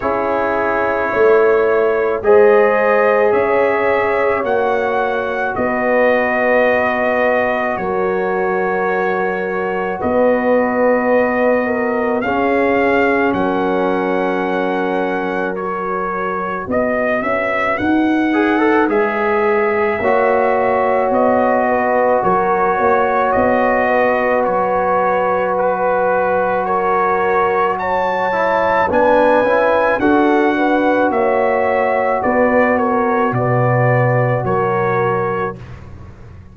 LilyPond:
<<
  \new Staff \with { instrumentName = "trumpet" } { \time 4/4 \tempo 4 = 54 cis''2 dis''4 e''4 | fis''4 dis''2 cis''4~ | cis''4 dis''2 f''4 | fis''2 cis''4 dis''8 e''8 |
fis''4 e''2 dis''4 | cis''4 dis''4 cis''4 b'4 | cis''4 a''4 gis''4 fis''4 | e''4 d''8 cis''8 d''4 cis''4 | }
  \new Staff \with { instrumentName = "horn" } { \time 4/4 gis'4 cis''4 c''4 cis''4~ | cis''4 b'2 ais'4~ | ais'4 b'4. ais'8 gis'4 | ais'2. b'4~ |
b'2 cis''4. b'8 | ais'8 cis''4 b'2~ b'8 | ais'4 cis''4 b'4 a'8 b'8 | cis''4 b'8 ais'8 b'4 ais'4 | }
  \new Staff \with { instrumentName = "trombone" } { \time 4/4 e'2 gis'2 | fis'1~ | fis'2. cis'4~ | cis'2 fis'2~ |
fis'8 gis'16 a'16 gis'4 fis'2~ | fis'1~ | fis'4. e'8 d'8 e'8 fis'4~ | fis'1 | }
  \new Staff \with { instrumentName = "tuba" } { \time 4/4 cis'4 a4 gis4 cis'4 | ais4 b2 fis4~ | fis4 b2 cis'4 | fis2. b8 cis'8 |
dis'4 gis4 ais4 b4 | fis8 ais8 b4 fis2~ | fis2 b8 cis'8 d'4 | ais4 b4 b,4 fis4 | }
>>